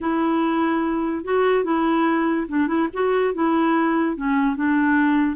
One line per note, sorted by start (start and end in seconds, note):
0.00 1.24 E4
1.24 1.64 F#4
1.64 2.46 E4
2.48 2.67 D4
2.67 2.88 E4
2.93 3.33 F#4
3.33 4.16 E4
4.16 4.56 C#4
4.56 5.36 D4